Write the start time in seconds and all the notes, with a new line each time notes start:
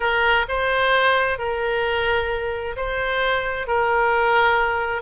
0.00 A#4
0.48 C5
1.38 A#4
2.76 C5
3.67 A#4